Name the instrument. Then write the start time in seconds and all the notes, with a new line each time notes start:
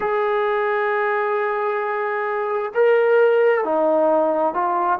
trombone
0.00 G#4
2.74 A#4
3.64 D#4
4.53 F4